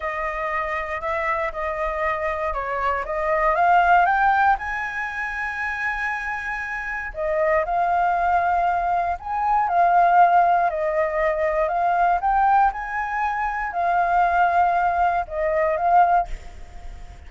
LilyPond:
\new Staff \with { instrumentName = "flute" } { \time 4/4 \tempo 4 = 118 dis''2 e''4 dis''4~ | dis''4 cis''4 dis''4 f''4 | g''4 gis''2.~ | gis''2 dis''4 f''4~ |
f''2 gis''4 f''4~ | f''4 dis''2 f''4 | g''4 gis''2 f''4~ | f''2 dis''4 f''4 | }